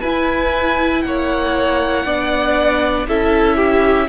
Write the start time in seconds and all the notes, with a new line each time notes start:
0.00 E4 B4 G#5
1.01 A#3 C#5 F#5
2.05 B3 D4 D5
3.07 C#4 E4 A4 E5
3.56 G4